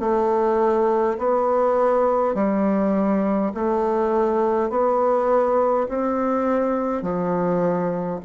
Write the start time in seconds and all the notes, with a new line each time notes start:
0.00 A3
1.19 B3
2.35 G3
3.55 A3
4.71 B3
5.89 C4
7.03 F3